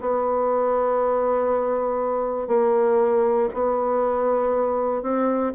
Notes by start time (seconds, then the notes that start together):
0.00 B3
2.47 A#3
3.53 B3
5.02 C4